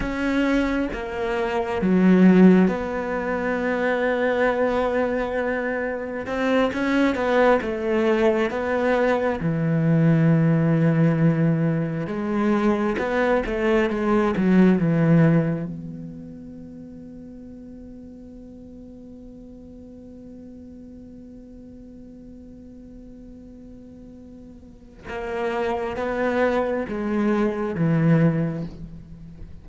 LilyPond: \new Staff \with { instrumentName = "cello" } { \time 4/4 \tempo 4 = 67 cis'4 ais4 fis4 b4~ | b2. c'8 cis'8 | b8 a4 b4 e4.~ | e4. gis4 b8 a8 gis8 |
fis8 e4 b2~ b8~ | b1~ | b1 | ais4 b4 gis4 e4 | }